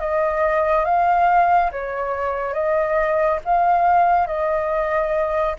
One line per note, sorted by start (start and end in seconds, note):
0.00 0.85 D#5
0.85 1.71 F5
1.72 2.54 C#5
2.54 3.40 D#5
3.45 4.27 F5
4.27 5.56 D#5